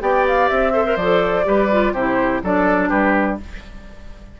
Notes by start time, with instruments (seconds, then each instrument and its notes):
0.00 bassoon B3, clarinet G4, oboe D5, flute G5
0.28 flute F5
0.48 bassoon C4, flute E5
0.72 clarinet A4, oboe C5
0.85 clarinet A#4
0.96 bassoon F3, clarinet A4, flute D5
1.44 bassoon G3, clarinet G4, oboe B4
1.71 clarinet F4
1.93 bassoon C3, clarinet E4, oboe G4, flute C5
2.43 bassoon F#3, clarinet D4, oboe A4, flute D5
2.89 bassoon G3, oboe G4, flute B4